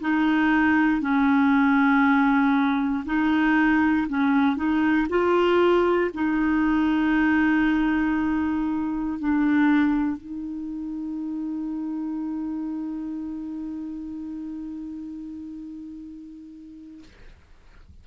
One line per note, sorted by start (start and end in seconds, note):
0.00 1.01 D#4
1.01 3.04 C#4
3.05 4.07 D#4
4.08 4.56 C#4
4.56 5.07 D#4
5.09 6.11 F4
6.14 9.19 D#4
9.19 10.17 D4
10.17 17.03 D#4